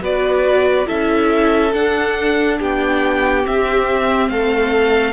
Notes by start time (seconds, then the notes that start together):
0.00 B3 F#4 B4 D5
0.86 C#4 E4 A4 E5
1.72 D4 F#5
2.59 B3 G4 G5
3.42 C4 E5
4.29 A3 A4 F5